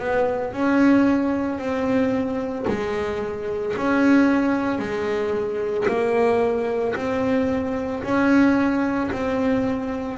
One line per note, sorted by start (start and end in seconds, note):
0.00 0.53 B3
0.53 1.59 C#4
1.59 2.66 C4
2.68 3.75 G#3
3.77 4.79 C#4
4.79 5.86 G#3
5.88 6.95 A#3
6.96 8.03 C4
8.04 9.11 C#4
9.12 10.18 C4